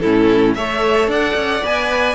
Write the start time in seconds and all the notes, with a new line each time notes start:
0.00 A2 C#4 E4 A4
0.55 A3 A4 C#5 E5
1.08 D4 D5 F#5
1.35 C#4
1.64 B3 B4 G#5